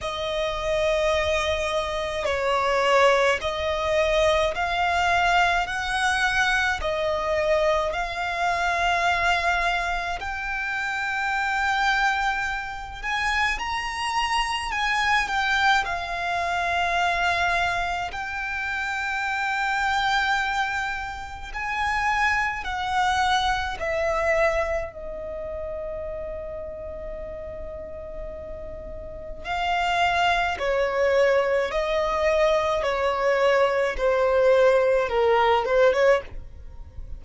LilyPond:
\new Staff \with { instrumentName = "violin" } { \time 4/4 \tempo 4 = 53 dis''2 cis''4 dis''4 | f''4 fis''4 dis''4 f''4~ | f''4 g''2~ g''8 gis''8 | ais''4 gis''8 g''8 f''2 |
g''2. gis''4 | fis''4 e''4 dis''2~ | dis''2 f''4 cis''4 | dis''4 cis''4 c''4 ais'8 c''16 cis''16 | }